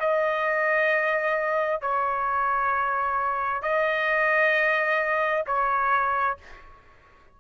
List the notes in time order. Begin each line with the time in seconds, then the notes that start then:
0.00 D#5
1.81 C#5
3.62 D#5
5.46 C#5